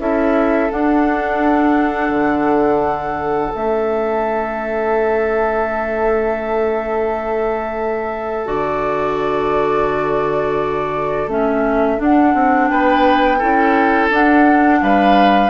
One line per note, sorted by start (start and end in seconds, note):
0.00 0.71 C#4
0.00 0.71 E4
0.00 12.71 A4
0.00 0.71 E5
0.71 3.52 D4
0.71 2.10 D4
0.71 3.54 F#5
2.10 3.51 D3
3.52 8.47 A3
3.52 8.45 C#4
3.52 8.47 E5
8.45 11.27 D3
8.45 11.28 F#4
8.45 11.30 D5
11.27 11.98 A3
11.27 11.98 C#4
11.27 12.01 E5
11.98 13.39 D4
11.98 12.35 D4
11.98 12.68 F#5
12.35 12.70 C4
12.68 13.42 B3
12.68 13.39 B4
12.68 14.10 G5
13.39 14.11 C#4
13.39 14.11 E4
13.39 14.80 A4
14.11 14.81 D4
14.11 15.51 D4
14.11 14.83 F#5
14.82 15.51 G3
14.82 15.51 B4
14.82 15.51 F5